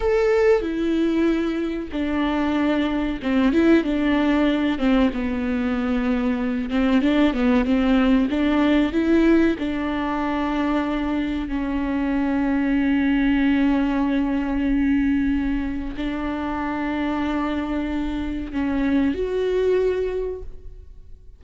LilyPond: \new Staff \with { instrumentName = "viola" } { \time 4/4 \tempo 4 = 94 a'4 e'2 d'4~ | d'4 c'8 e'8 d'4. c'8 | b2~ b8 c'8 d'8 b8 | c'4 d'4 e'4 d'4~ |
d'2 cis'2~ | cis'1~ | cis'4 d'2.~ | d'4 cis'4 fis'2 | }